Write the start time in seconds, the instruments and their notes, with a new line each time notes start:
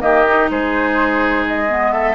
0.00 bassoon D#3, clarinet A#3, oboe G4, flute D#5
0.27 clarinet D#4
0.50 bassoon G#3, oboe G#4, flute C5
1.47 flute D#5
1.68 clarinet B3
1.92 oboe A4, flute E5